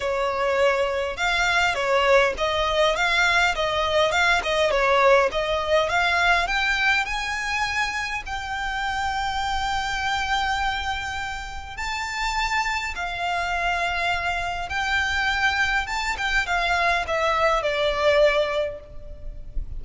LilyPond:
\new Staff \with { instrumentName = "violin" } { \time 4/4 \tempo 4 = 102 cis''2 f''4 cis''4 | dis''4 f''4 dis''4 f''8 dis''8 | cis''4 dis''4 f''4 g''4 | gis''2 g''2~ |
g''1 | a''2 f''2~ | f''4 g''2 a''8 g''8 | f''4 e''4 d''2 | }